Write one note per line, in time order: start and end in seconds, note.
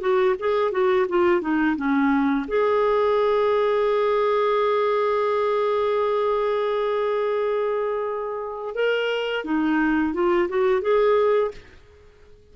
0.00 0.35 F#4
0.39 0.71 G#4
0.71 1.06 F#4
1.08 1.41 F4
1.41 1.76 D#4
1.76 2.46 C#4
2.47 8.74 G#4
8.74 9.44 A#4
9.44 10.13 D#4
10.13 10.48 F4
10.49 10.81 F#4
10.81 11.51 G#4